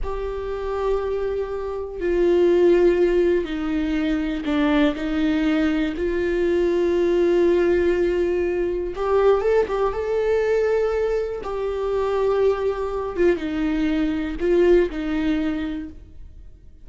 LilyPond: \new Staff \with { instrumentName = "viola" } { \time 4/4 \tempo 4 = 121 g'1 | f'2. dis'4~ | dis'4 d'4 dis'2 | f'1~ |
f'2 g'4 a'8 g'8 | a'2. g'4~ | g'2~ g'8 f'8 dis'4~ | dis'4 f'4 dis'2 | }